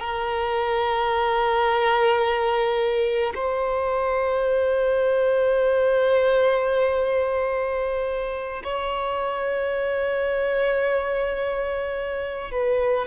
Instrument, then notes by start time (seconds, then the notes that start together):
violin
0.00 A#4
3.35 C5
8.64 C#5
12.52 B4